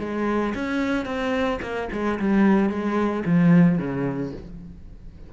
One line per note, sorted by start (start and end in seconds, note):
0.00 0.54 G#3
0.55 1.06 C#4
1.06 1.60 C4
1.62 1.89 A#3
1.93 2.20 G#3
2.20 2.70 G3
2.70 3.24 G#3
3.26 3.79 F3
3.79 4.33 C#3